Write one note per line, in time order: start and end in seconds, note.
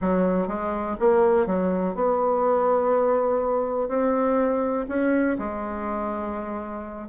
0.01 0.47 F#3
0.47 0.96 G#3
0.99 1.46 A#3
1.46 1.94 F#3
1.94 3.88 B3
3.88 4.85 C4
4.88 5.37 C#4
5.38 7.08 G#3